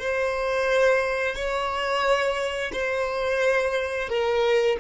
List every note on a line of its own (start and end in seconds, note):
0.00 1.36 C5
1.36 2.72 C#5
2.73 4.09 C5
4.09 4.78 A#4